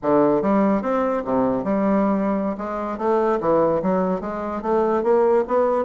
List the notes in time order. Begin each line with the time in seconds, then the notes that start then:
0.02 D3
0.42 G3
0.82 C4
1.24 C3
1.64 G3
2.57 G#3
2.98 A3
3.40 E3
3.82 F#3
4.20 G#3
4.62 A3
5.03 A#3
5.47 B3